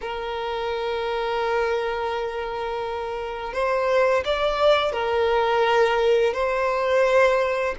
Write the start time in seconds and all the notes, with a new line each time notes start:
0.01 A#4
3.53 C5
4.24 D5
4.92 A#4
6.33 C5